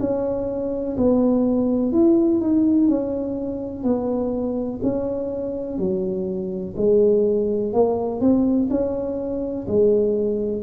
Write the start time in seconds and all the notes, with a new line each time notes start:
0.00 C#4
0.97 B3
1.92 E4
2.41 D#4
2.88 C#4
3.84 B3
4.83 C#4
5.78 F#3
6.77 G#3
7.73 A#3
8.21 C4
8.71 C#4
9.68 G#3